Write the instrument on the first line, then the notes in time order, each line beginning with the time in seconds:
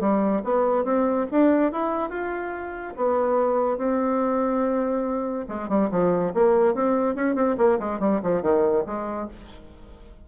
bassoon
0.00 G3
0.44 B3
0.84 C4
1.31 D4
1.72 E4
2.10 F4
2.97 B3
3.78 C4
5.48 G#3
5.69 G3
5.91 F3
6.34 A#3
6.74 C4
7.15 C#4
7.35 C4
7.58 A#3
7.79 G#3
8.00 G3
8.23 F3
8.42 D#3
8.86 G#3